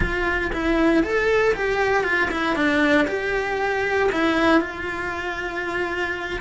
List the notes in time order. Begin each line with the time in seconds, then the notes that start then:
0.00 F4
0.52 E4
1.03 A4
1.54 G4
2.03 F4
2.31 E4
2.55 D4
3.07 G4
4.11 E4
4.61 F4